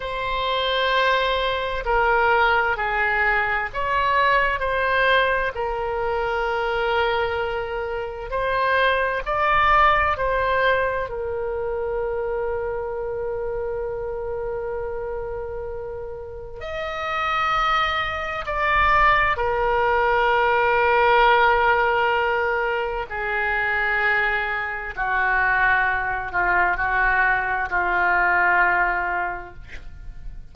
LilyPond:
\new Staff \with { instrumentName = "oboe" } { \time 4/4 \tempo 4 = 65 c''2 ais'4 gis'4 | cis''4 c''4 ais'2~ | ais'4 c''4 d''4 c''4 | ais'1~ |
ais'2 dis''2 | d''4 ais'2.~ | ais'4 gis'2 fis'4~ | fis'8 f'8 fis'4 f'2 | }